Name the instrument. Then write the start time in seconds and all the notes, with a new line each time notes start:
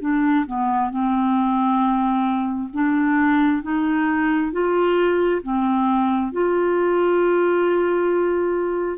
clarinet
0.00 D4
0.46 B3
0.90 C4
2.73 D4
3.62 D#4
4.51 F4
5.42 C4
6.32 F4